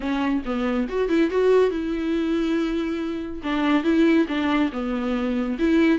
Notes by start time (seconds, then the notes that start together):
0.00 C#4
0.45 B3
0.88 F#4
1.09 E4
1.30 F#4
1.70 E4
3.43 D4
3.83 E4
4.27 D4
4.72 B3
5.59 E4